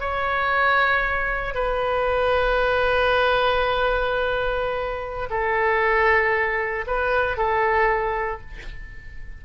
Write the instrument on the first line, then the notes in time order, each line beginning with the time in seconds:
oboe
0.00 C#5
1.54 B4
5.30 A4
6.87 B4
7.37 A4